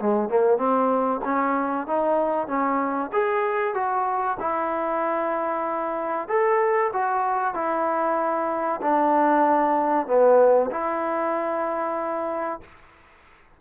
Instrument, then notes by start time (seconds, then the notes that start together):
trombone
0.00 G#3
0.29 A#3
0.58 C4
1.25 C#4
1.87 D#4
2.48 C#4
3.13 G#4
3.75 F#4
4.40 E4
6.29 A4
6.94 F#4
7.55 E4
8.82 D4
10.08 B3
10.71 E4